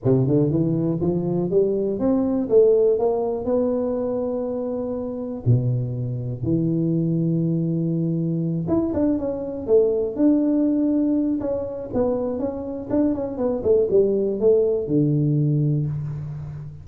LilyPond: \new Staff \with { instrumentName = "tuba" } { \time 4/4 \tempo 4 = 121 c8 d8 e4 f4 g4 | c'4 a4 ais4 b4~ | b2. b,4~ | b,4 e2.~ |
e4. e'8 d'8 cis'4 a8~ | a8 d'2~ d'8 cis'4 | b4 cis'4 d'8 cis'8 b8 a8 | g4 a4 d2 | }